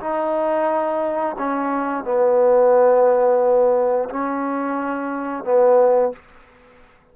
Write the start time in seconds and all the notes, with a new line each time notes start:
0.00 D#4
1.39 C#4
2.04 B3
4.10 C#4
5.44 B3